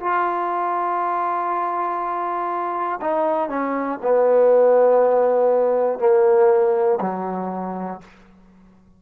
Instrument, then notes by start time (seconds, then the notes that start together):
trombone
0.00 F4
3.00 D#4
3.49 C#4
4.02 B3
5.99 A#3
7.00 F#3